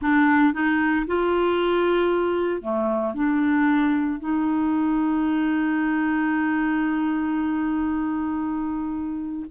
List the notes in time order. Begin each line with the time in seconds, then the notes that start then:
0.01 D4
0.53 D#4
1.07 F4
2.61 A3
3.14 D4
4.19 D#4